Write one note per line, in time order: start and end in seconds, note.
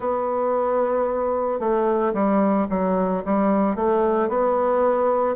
0.00 1.59 B3
1.59 2.13 A3
2.13 2.67 G3
2.69 3.23 F#3
3.24 3.75 G3
3.75 4.29 A3
4.29 5.36 B3